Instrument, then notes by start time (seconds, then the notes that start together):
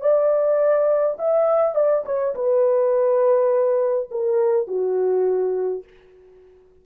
horn
0.00 D5
1.18 E5
1.75 D5
2.05 C#5
2.34 B4
4.11 A#4
4.67 F#4